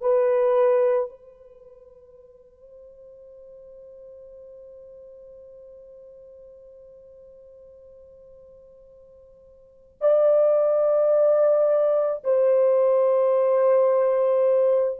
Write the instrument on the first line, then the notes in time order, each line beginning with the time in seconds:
horn
0.00 B4
1.09 C5
10.00 D5
12.24 C5